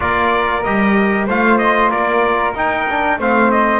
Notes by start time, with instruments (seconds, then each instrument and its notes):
0.00 double bass A#3, trombone F4, flute A#4, trumpet D5
0.63 double bass G3, trombone G4, trumpet D#5
1.26 double bass A3, trombone F4, flute C5, trumpet F5
1.58 trumpet D#5
1.90 double bass A#3, flute A#4, trumpet D5
2.54 trombone D#4, double bass D#4, trumpet G5
2.89 trombone D4
3.18 double bass A3, trombone C4, flute C5, trumpet F5
3.51 trumpet D#5